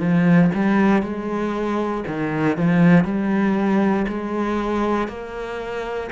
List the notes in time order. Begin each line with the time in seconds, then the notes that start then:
0.00 F3
0.55 G3
1.03 G#3
2.08 D#3
2.57 F3
3.05 G3
4.08 G#3
5.08 A#3